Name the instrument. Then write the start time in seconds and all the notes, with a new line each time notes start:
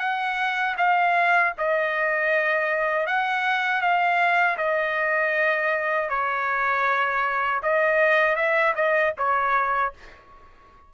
trumpet
0.00 F#5
0.78 F5
1.58 D#5
3.07 F#5
3.81 F5
4.58 D#5
6.10 C#5
7.63 D#5
8.36 E5
8.76 D#5
9.18 C#5